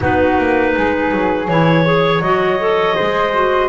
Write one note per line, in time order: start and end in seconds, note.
0.00 0.38 B3
0.00 1.46 D#4
0.00 0.71 F#4
0.00 1.48 B4
0.38 0.75 A#3
0.75 1.11 G#3
0.75 1.85 G#4
1.11 1.48 F#3
1.48 2.19 E3
1.48 1.84 E4
1.48 2.21 C#5
1.84 2.21 G#4
1.84 2.96 C#5
2.19 2.93 F#3
2.19 2.58 F#4
2.19 3.69 D#5
2.58 2.96 A4
2.96 3.69 G#3
2.96 3.33 G#4
2.96 3.69 C5
3.33 3.69 F#4